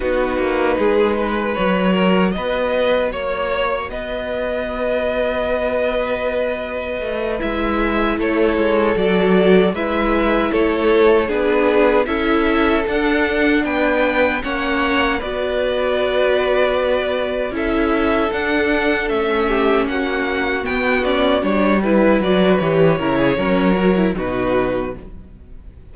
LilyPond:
<<
  \new Staff \with { instrumentName = "violin" } { \time 4/4 \tempo 4 = 77 b'2 cis''4 dis''4 | cis''4 dis''2.~ | dis''4. e''4 cis''4 d''8~ | d''8 e''4 cis''4 b'4 e''8~ |
e''8 fis''4 g''4 fis''4 d''8~ | d''2~ d''8 e''4 fis''8~ | fis''8 e''4 fis''4 g''8 d''8 cis''8 | b'8 d''8 cis''2 b'4 | }
  \new Staff \with { instrumentName = "violin" } { \time 4/4 fis'4 gis'8 b'4 ais'8 b'4 | cis''4 b'2.~ | b'2~ b'8 a'4.~ | a'8 b'4 a'4 gis'4 a'8~ |
a'4. b'4 cis''4 b'8~ | b'2~ b'8 a'4.~ | a'4 g'8 fis'2~ fis'8 | b'4. ais'16 gis'16 ais'4 fis'4 | }
  \new Staff \with { instrumentName = "viola" } { \time 4/4 dis'2 fis'2~ | fis'1~ | fis'4. e'2 fis'8~ | fis'8 e'2 d'4 e'8~ |
e'8 d'2 cis'4 fis'8~ | fis'2~ fis'8 e'4 d'8~ | d'8 cis'2 b8 cis'8 d'8 | e'8 fis'8 g'8 e'8 cis'8 fis'16 e'16 dis'4 | }
  \new Staff \with { instrumentName = "cello" } { \time 4/4 b8 ais8 gis4 fis4 b4 | ais4 b2.~ | b4 a8 gis4 a8 gis8 fis8~ | fis8 gis4 a4 b4 cis'8~ |
cis'8 d'4 b4 ais4 b8~ | b2~ b8 cis'4 d'8~ | d'8 a4 ais4 b4 g8~ | g8 fis8 e8 cis8 fis4 b,4 | }
>>